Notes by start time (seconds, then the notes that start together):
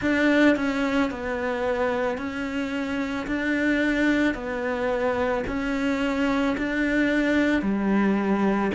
0.01 D4
0.56 C#4
1.10 B3
2.17 C#4
3.26 D4
4.34 B3
5.47 C#4
6.57 D4
7.62 G3